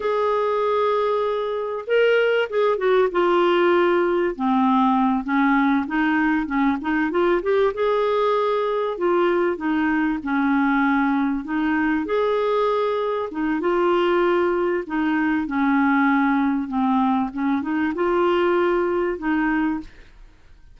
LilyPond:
\new Staff \with { instrumentName = "clarinet" } { \time 4/4 \tempo 4 = 97 gis'2. ais'4 | gis'8 fis'8 f'2 c'4~ | c'8 cis'4 dis'4 cis'8 dis'8 f'8 | g'8 gis'2 f'4 dis'8~ |
dis'8 cis'2 dis'4 gis'8~ | gis'4. dis'8 f'2 | dis'4 cis'2 c'4 | cis'8 dis'8 f'2 dis'4 | }